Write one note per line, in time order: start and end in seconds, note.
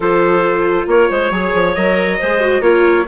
0.00 0.86 F3
0.00 1.31 F4
0.00 0.88 A4
0.00 0.88 C5
0.86 1.08 A#3
0.86 1.09 A#4
0.86 1.75 C#5
1.09 1.30 G#3
1.09 1.31 C5
1.30 1.52 F#3
1.30 1.75 G#4
1.30 2.19 C#5
1.53 1.75 F3
1.75 2.20 F#3
1.75 2.20 A#4
1.75 2.62 D#5
2.19 2.60 G#3
2.19 2.40 G#4
2.19 2.62 C5
2.40 2.61 F#4
2.60 3.04 A#3
2.60 3.05 F4
2.60 3.05 A#4
2.60 3.05 C#5